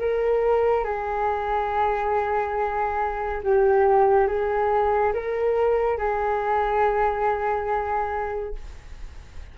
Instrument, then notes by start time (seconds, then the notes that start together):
flute
0.00 A#4
0.85 G#4
3.44 G4
4.28 G#4
5.14 A#4
5.98 G#4